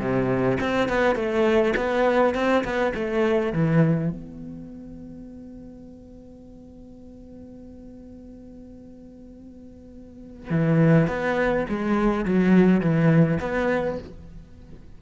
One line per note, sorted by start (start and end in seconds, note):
0.00 0.58 C3
0.60 0.89 C4
0.89 1.15 B3
1.15 1.74 A3
1.76 2.35 B3
2.35 2.64 C4
2.64 2.93 B3
2.95 3.53 A3
3.53 4.10 E3
4.10 10.50 B3
10.50 11.08 E3
11.08 11.66 B3
11.69 12.25 G#3
12.25 12.80 F#3
12.80 13.39 E3
13.40 13.98 B3